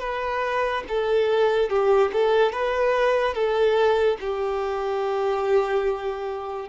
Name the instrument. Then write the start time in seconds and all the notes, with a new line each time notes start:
violin
0.00 B4
0.88 A4
1.69 G4
2.12 A4
2.52 B4
3.34 A4
4.20 G4